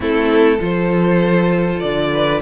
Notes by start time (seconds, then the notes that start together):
0.00 A3 C4 E4 A4
0.58 F3 F4 A4 C5
1.80 D3 D5
2.12 B4